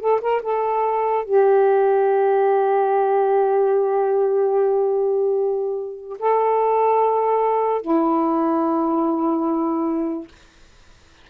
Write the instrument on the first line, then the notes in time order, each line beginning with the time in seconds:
saxophone
0.00 A4
0.21 A#4
0.43 A4
1.25 G4
6.19 A4
7.82 E4